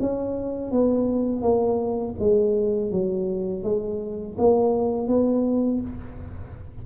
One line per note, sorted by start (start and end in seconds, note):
0.00 0.71 C#4
0.71 1.41 B3
1.41 2.15 A#3
2.19 2.91 G#3
2.91 3.63 F#3
3.63 4.36 G#3
4.38 5.07 A#3
5.07 5.80 B3